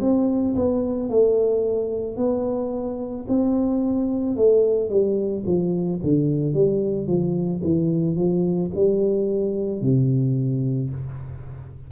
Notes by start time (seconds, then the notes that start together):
0.00 C4
0.55 B3
1.09 A3
2.16 B3
3.28 C4
4.36 A3
4.89 G3
5.45 F3
6.02 D3
6.54 G3
7.07 F3
7.63 E3
8.16 F3
8.75 G3
9.81 C3